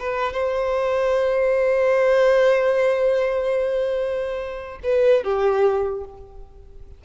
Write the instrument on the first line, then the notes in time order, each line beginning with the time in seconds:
violin
0.00 B4
0.33 C5
4.84 B4
5.24 G4